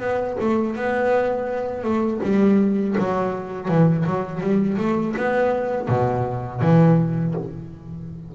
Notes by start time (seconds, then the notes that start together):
0.00 B3
0.40 A3
0.75 B3
1.84 A3
2.23 G3
2.98 F#3
3.68 E3
4.06 F#3
4.41 G3
4.78 A3
5.17 B3
5.88 B2
6.61 E3